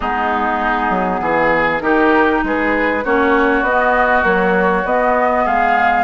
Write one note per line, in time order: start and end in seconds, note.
0.00 0.89 G#3
0.00 1.81 B3
0.00 1.20 D#4
0.00 1.80 G#4
0.89 1.20 F#3
1.20 1.81 E3
1.20 1.82 G#4
1.80 2.41 D#3
1.80 3.02 D#4
1.80 2.43 G4
1.80 2.41 A#4
2.43 3.04 G#3
2.43 3.04 G#4
2.43 3.04 B4
3.04 3.61 A#3
3.04 3.65 C#4
3.04 5.45 F#4
3.04 3.64 C#5
3.61 4.22 B3
3.61 4.23 B3
3.61 4.24 D#5
4.22 4.84 F#3
4.22 4.83 A#3
4.22 4.86 C#5
4.84 5.45 B3
4.84 6.04 B3
4.84 5.46 D#5
5.45 6.04 G#3
5.45 6.04 G#4
5.45 6.04 F5